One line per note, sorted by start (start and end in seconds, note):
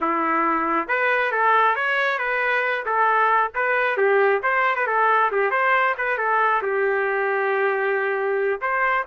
0.00 0.87 E4
0.87 1.31 B4
1.31 1.75 A4
1.75 2.18 C#5
2.18 2.84 B4
2.85 3.51 A4
3.55 3.97 B4
3.97 4.41 G4
4.43 4.75 C5
4.75 4.86 B4
4.86 5.30 A4
5.31 5.50 G4
5.50 5.94 C5
5.97 6.17 B4
6.17 6.62 A4
6.62 8.60 G4
8.61 9.05 C5